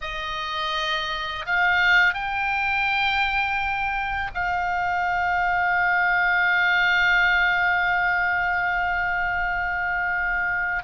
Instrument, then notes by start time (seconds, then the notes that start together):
oboe
0.01 D#5
1.46 F5
2.13 G5
4.34 F5